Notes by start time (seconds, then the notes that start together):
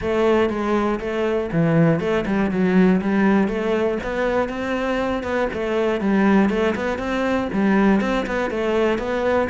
0.01 A3
0.49 G#3
1.00 A3
1.52 E3
2.00 A3
2.25 G3
2.50 F#3
3.01 G3
3.48 A3
4.03 B3
4.49 C4
5.23 B3
5.53 A3
6.00 G3
6.49 A3
6.75 B3
6.98 C4
7.52 G3
8.00 C4
8.26 B3
8.50 A3
8.98 B3